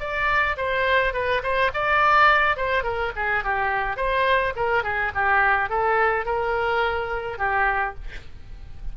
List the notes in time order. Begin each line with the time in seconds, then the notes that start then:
0.00 D5
0.57 C5
1.14 B4
1.43 C5
1.74 D5
2.57 C5
2.84 A#4
3.16 G#4
3.44 G4
3.97 C5
4.56 A#4
4.84 G#4
5.15 G4
5.70 A4
6.26 A#4
7.38 G4